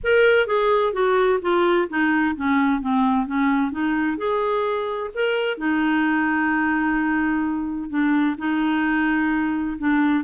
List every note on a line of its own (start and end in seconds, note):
0.03 0.46 A#4
0.46 0.93 G#4
0.93 1.39 F#4
1.41 1.88 F4
1.89 2.35 D#4
2.36 2.81 C#4
2.81 3.26 C4
3.26 3.71 C#4
3.71 4.17 D#4
4.17 5.10 G#4
5.14 5.57 A#4
5.57 7.89 D#4
7.89 8.36 D4
8.38 9.77 D#4
9.78 10.24 D4